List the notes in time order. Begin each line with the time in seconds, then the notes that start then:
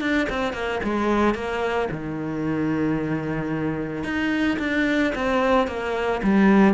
0.00 D4
0.29 C4
0.53 A#3
0.83 G#3
1.34 A#3
1.91 D#3
4.03 D#4
4.59 D4
5.14 C4
5.67 A#3
6.23 G3